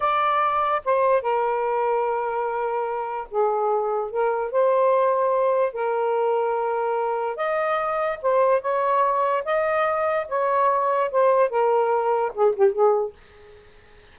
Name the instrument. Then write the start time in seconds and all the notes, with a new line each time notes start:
saxophone
0.00 D5
0.84 C5
1.22 A#4
3.30 G#4
4.10 A#4
4.51 C5
5.73 A#4
7.36 D#5
8.22 C5
8.61 C#5
9.44 D#5
10.28 C#5
11.11 C5
11.49 A#4
12.34 G#4
12.55 G4
12.72 G#4